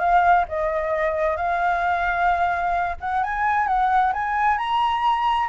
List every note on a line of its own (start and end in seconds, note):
0.00 0.45 F5
0.49 1.37 D#5
1.37 2.96 F5
3.01 3.24 F#5
3.24 3.68 G#5
3.68 4.13 F#5
4.13 4.58 G#5
4.58 5.49 A#5